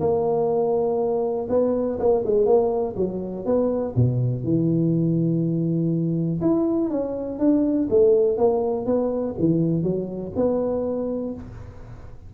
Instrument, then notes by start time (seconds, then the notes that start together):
tuba
0.00 A#3
1.50 B3
1.99 A#3
2.25 G#3
2.46 A#3
2.96 F#3
3.46 B3
3.96 B2
4.44 E3
6.41 E4
6.90 C#4
7.39 D4
7.90 A3
8.37 A#3
8.86 B3
9.39 E3
9.83 F#3
10.36 B3